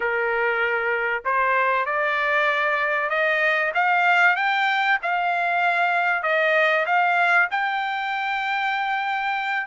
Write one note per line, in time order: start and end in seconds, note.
0.00 1.23 A#4
1.24 1.85 C5
1.85 3.09 D5
3.09 3.72 D#5
3.74 4.36 F5
4.36 4.98 G5
5.02 6.22 F5
6.22 6.85 D#5
6.86 7.48 F5
7.50 9.66 G5